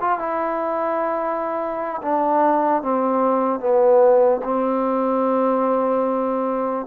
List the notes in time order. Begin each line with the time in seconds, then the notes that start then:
0.00 F4
0.18 E4
2.02 D4
2.82 C4
3.60 B3
4.43 C4